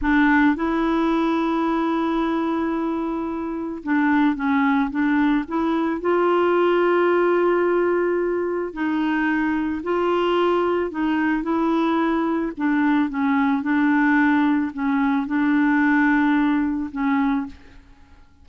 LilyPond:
\new Staff \with { instrumentName = "clarinet" } { \time 4/4 \tempo 4 = 110 d'4 e'2.~ | e'2. d'4 | cis'4 d'4 e'4 f'4~ | f'1 |
dis'2 f'2 | dis'4 e'2 d'4 | cis'4 d'2 cis'4 | d'2. cis'4 | }